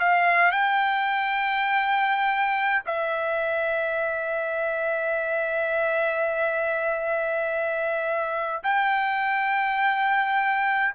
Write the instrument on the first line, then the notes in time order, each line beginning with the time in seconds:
trumpet
0.00 F5
0.52 G5
2.86 E5
8.64 G5